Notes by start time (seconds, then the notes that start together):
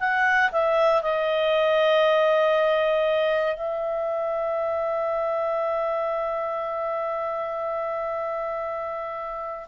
0.00 F#5
0.52 E5
1.02 D#5
3.56 E5